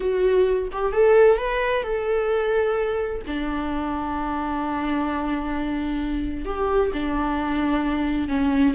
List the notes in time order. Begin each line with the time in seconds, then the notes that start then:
0.00 F#4
0.72 G4
0.92 A4
1.37 B4
1.83 A4
3.26 D4
6.45 G4
6.93 D4
8.28 C#4